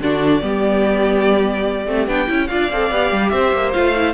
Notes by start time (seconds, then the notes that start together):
0.00 D3 D4 F#4 D5
0.41 G3 B3 G4
1.86 A3 C4
2.07 B3 D4 G5
2.27 C#4 E4
2.47 D4 F4 D5 F5
2.72 C4 A4
2.91 B3 G4
3.12 G3
3.29 C4 C5 E5
3.53 A#3
3.73 A3 F4 F5
3.96 E4